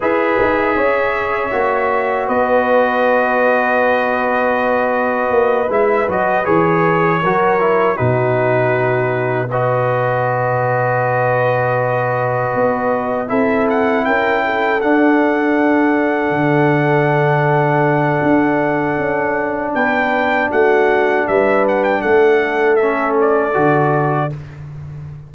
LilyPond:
<<
  \new Staff \with { instrumentName = "trumpet" } { \time 4/4 \tempo 4 = 79 e''2. dis''4~ | dis''2.~ dis''8 e''8 | dis''8 cis''2 b'4.~ | b'8 dis''2.~ dis''8~ |
dis''4. e''8 fis''8 g''4 fis''8~ | fis''1~ | fis''2 g''4 fis''4 | e''8 fis''16 g''16 fis''4 e''8 d''4. | }
  \new Staff \with { instrumentName = "horn" } { \time 4/4 b'4 cis''2 b'4~ | b'1~ | b'4. ais'4 fis'4.~ | fis'8 b'2.~ b'8~ |
b'4. a'4 ais'8 a'4~ | a'1~ | a'2 b'4 fis'4 | b'4 a'2. | }
  \new Staff \with { instrumentName = "trombone" } { \time 4/4 gis'2 fis'2~ | fis'2.~ fis'8 e'8 | fis'8 gis'4 fis'8 e'8 dis'4.~ | dis'8 fis'2.~ fis'8~ |
fis'4. e'2 d'8~ | d'1~ | d'1~ | d'2 cis'4 fis'4 | }
  \new Staff \with { instrumentName = "tuba" } { \time 4/4 e'8 dis'8 cis'4 ais4 b4~ | b2. ais8 gis8 | fis8 e4 fis4 b,4.~ | b,1~ |
b,8 b4 c'4 cis'4 d'8~ | d'4. d2~ d8 | d'4 cis'4 b4 a4 | g4 a2 d4 | }
>>